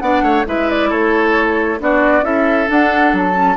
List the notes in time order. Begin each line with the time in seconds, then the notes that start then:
0.00 B3 D4 D5 F#5
0.22 A3 C#5
0.46 G#3 E4 B4 E5
0.70 D5
0.90 A3 A4 C#5
1.79 B3 D4 F#4 D5
2.22 C#4 E4 A4 E5
2.67 D4 F#5
3.13 F#3 A5
3.34 C#4